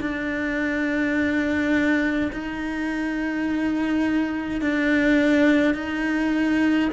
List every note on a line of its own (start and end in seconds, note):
0.00 2.31 D4
2.32 4.62 D#4
4.62 5.74 D4
5.74 6.90 D#4